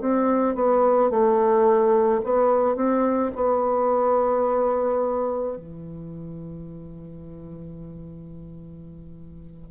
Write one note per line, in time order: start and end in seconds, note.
0.00 0.55 C4
0.55 1.10 B3
1.10 2.21 A3
2.23 2.75 B3
2.75 3.31 C4
3.34 5.57 B3
5.57 9.70 E3